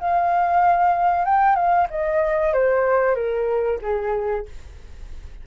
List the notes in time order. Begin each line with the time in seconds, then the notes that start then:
0.00 F5
1.25 G5
1.56 F5
1.90 D#5
2.53 C5
3.15 A#4
3.82 G#4